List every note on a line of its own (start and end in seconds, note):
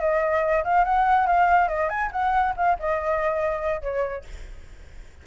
0.00 0.64 D#5
0.64 0.85 F5
0.85 1.27 F#5
1.27 1.68 F5
1.68 1.90 D#5
1.90 2.11 G#5
2.12 2.55 F#5
2.57 2.78 F5
2.79 3.82 D#5
3.82 4.25 C#5